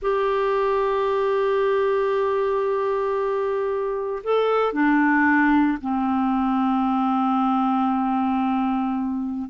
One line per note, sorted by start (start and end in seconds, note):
0.01 4.22 G4
4.23 4.72 A4
4.72 5.78 D4
5.81 9.49 C4